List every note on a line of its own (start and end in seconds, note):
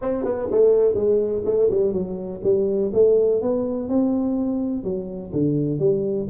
0.01 0.24 C4
0.24 0.48 B3
0.51 0.94 A3
0.94 1.42 G#3
1.45 1.69 A3
1.70 1.92 G3
1.92 2.41 F#3
2.43 2.92 G3
2.93 3.41 A3
3.41 3.88 B3
3.88 4.83 C4
4.83 5.32 F#3
5.32 5.79 D3
5.79 6.27 G3